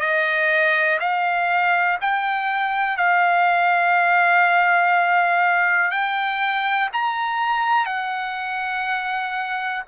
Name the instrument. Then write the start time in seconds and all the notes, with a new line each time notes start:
trumpet
0.00 D#5
0.99 F5
2.00 G5
2.96 F5
5.91 G5
6.93 A#5
7.86 F#5